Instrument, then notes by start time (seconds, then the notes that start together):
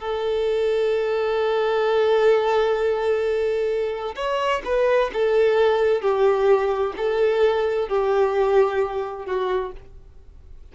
violin
0.00 A4
4.16 C#5
4.65 B4
5.14 A4
6.02 G4
6.97 A4
7.89 G4
9.26 F#4